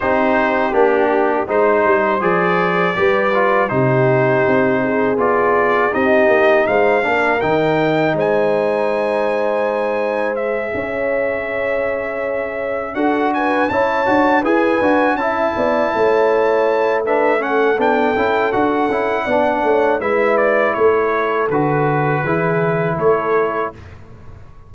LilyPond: <<
  \new Staff \with { instrumentName = "trumpet" } { \time 4/4 \tempo 4 = 81 c''4 g'4 c''4 d''4~ | d''4 c''2 d''4 | dis''4 f''4 g''4 gis''4~ | gis''2 e''2~ |
e''4. fis''8 gis''8 a''4 gis''8~ | gis''8 a''2~ a''8 e''8 fis''8 | g''4 fis''2 e''8 d''8 | cis''4 b'2 cis''4 | }
  \new Staff \with { instrumentName = "horn" } { \time 4/4 g'2 c''2 | b'4 g'4. gis'4. | g'4 c''8 ais'4. c''4~ | c''2~ c''8 cis''4.~ |
cis''4. a'8 b'8 cis''4 b'8~ | b'8 e''8 d''8 cis''4. b'8 a'8~ | a'2 d''8 cis''8 b'4 | a'2 gis'4 a'4 | }
  \new Staff \with { instrumentName = "trombone" } { \time 4/4 dis'4 d'4 dis'4 gis'4 | g'8 f'8 dis'2 f'4 | dis'4. d'8 dis'2~ | dis'2 gis'2~ |
gis'4. fis'4 e'8 fis'8 gis'8 | fis'8 e'2~ e'8 d'8 cis'8 | d'8 e'8 fis'8 e'8 d'4 e'4~ | e'4 fis'4 e'2 | }
  \new Staff \with { instrumentName = "tuba" } { \time 4/4 c'4 ais4 gis8 g8 f4 | g4 c4 c'4 b4 | c'8 ais8 gis8 ais8 dis4 gis4~ | gis2~ gis8 cis'4.~ |
cis'4. d'4 cis'8 d'8 e'8 | d'8 cis'8 b8 a2~ a8 | b8 cis'8 d'8 cis'8 b8 a8 gis4 | a4 d4 e4 a4 | }
>>